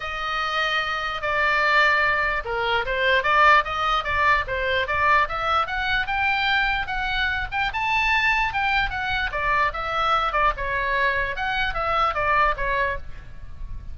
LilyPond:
\new Staff \with { instrumentName = "oboe" } { \time 4/4 \tempo 4 = 148 dis''2. d''4~ | d''2 ais'4 c''4 | d''4 dis''4 d''4 c''4 | d''4 e''4 fis''4 g''4~ |
g''4 fis''4. g''8 a''4~ | a''4 g''4 fis''4 d''4 | e''4. d''8 cis''2 | fis''4 e''4 d''4 cis''4 | }